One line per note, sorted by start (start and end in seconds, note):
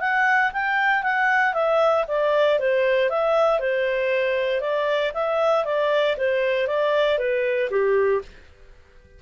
0.00 0.51 F#5
0.53 1.03 G5
1.03 1.54 F#5
1.54 2.05 E5
2.07 2.59 D5
2.59 3.09 C5
3.09 3.60 E5
3.60 4.61 C5
4.61 5.12 D5
5.14 5.65 E5
5.65 6.16 D5
6.17 6.67 C5
6.67 7.18 D5
7.18 7.69 B4
7.70 8.21 G4